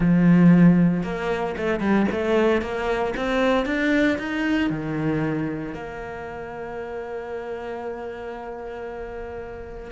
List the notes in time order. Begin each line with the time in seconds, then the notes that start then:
0.00 F3
1.03 A#3
1.57 A3
1.80 G3
2.11 A3
2.61 A#3
3.16 C4
3.65 D4
4.18 D#4
4.70 D#3
5.73 A#3